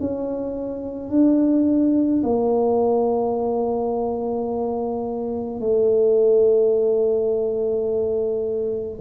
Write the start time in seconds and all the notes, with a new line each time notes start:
0.00 C#4
1.10 D4
2.23 A#3
5.60 A3